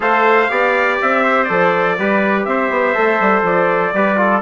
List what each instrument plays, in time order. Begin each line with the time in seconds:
0.00 bassoon A3, trombone A4, trumpet C5 F5
0.49 bassoon B3, trombone G4, trumpet D5
1.01 bassoon C4, trumpet E5
1.23 trumpet C5
1.44 bassoon F3, trombone A4, trumpet D5
1.98 bassoon G3, trombone G4, trumpet B4
2.44 bassoon C4, trumpet C5 E5
2.70 bassoon B3
2.94 bassoon A3, trombone A4
3.20 bassoon G3
3.42 bassoon F3, trumpet D5
3.93 bassoon G3, trombone G4, trumpet B4
4.16 trombone F4, trumpet A4